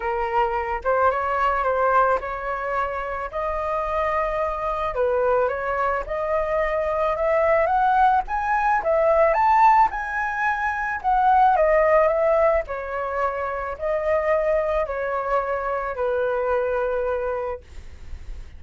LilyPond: \new Staff \with { instrumentName = "flute" } { \time 4/4 \tempo 4 = 109 ais'4. c''8 cis''4 c''4 | cis''2 dis''2~ | dis''4 b'4 cis''4 dis''4~ | dis''4 e''4 fis''4 gis''4 |
e''4 a''4 gis''2 | fis''4 dis''4 e''4 cis''4~ | cis''4 dis''2 cis''4~ | cis''4 b'2. | }